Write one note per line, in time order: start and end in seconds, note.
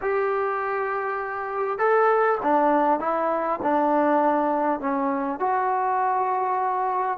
0.01 1.78 G4
1.78 2.38 A4
2.42 2.99 D4
2.99 3.59 E4
3.62 4.79 D4
4.79 5.39 C#4
5.39 7.18 F#4